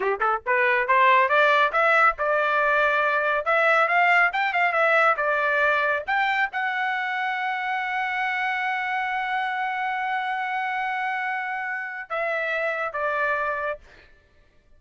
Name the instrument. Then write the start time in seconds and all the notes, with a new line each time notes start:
trumpet
0.00 G4
0.20 A4
0.46 B4
0.87 C5
1.28 D5
1.72 E5
2.18 D5
3.45 E5
3.87 F5
4.32 G5
4.53 F5
4.72 E5
5.16 D5
6.06 G5
6.52 F#5
12.09 E5
12.92 D5